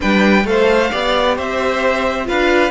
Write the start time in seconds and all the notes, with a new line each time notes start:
0.00 G3 D4 B4 G5
0.44 A3 A4 C5 F5
0.91 B3 G4 D5
1.36 C4 C5 E5
2.24 D4 F4 B4 F5